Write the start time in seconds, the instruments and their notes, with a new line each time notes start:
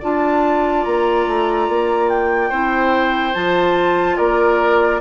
0.00 bassoon D4, clarinet F4, oboe D5, flute A5
0.85 bassoon A#3, flute A#5
1.27 bassoon A3
1.69 bassoon A#3
2.09 flute G5
2.50 bassoon C4, clarinet E4, oboe C5
3.34 bassoon F3, clarinet F4, flute A5
4.17 bassoon A#3, oboe A#4, flute D5